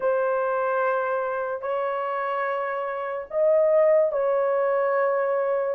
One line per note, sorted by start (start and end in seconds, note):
0.00 1.61 C5
1.61 3.25 C#5
3.30 4.11 D#5
4.11 5.75 C#5